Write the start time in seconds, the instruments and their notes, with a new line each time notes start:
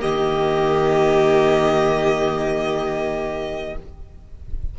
0.00 cello D#3, viola A#3, violin G4 D#5